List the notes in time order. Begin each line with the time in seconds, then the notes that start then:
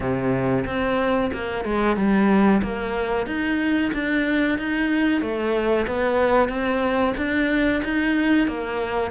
0.00 C3
0.66 C4
1.33 A#3
1.64 G#3
1.96 G3
2.62 A#3
3.26 D#4
3.93 D4
4.58 D#4
5.21 A3
5.87 B3
6.48 C4
7.17 D4
7.83 D#4
8.47 A#3